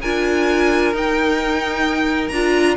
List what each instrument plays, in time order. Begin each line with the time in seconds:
0.00 cello D4, viola F4, violin A#4 G#5
0.93 cello D#4, viola D#4, violin G5
2.28 cello D4, viola F4, violin A#5